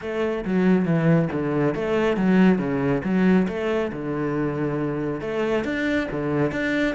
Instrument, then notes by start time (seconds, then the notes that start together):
cello
0.01 A3
0.44 F#3
0.85 E3
1.31 D3
1.74 A3
2.16 F#3
2.58 C#3
3.03 F#3
3.48 A3
3.92 D3
5.20 A3
5.64 D4
6.11 D3
6.51 D4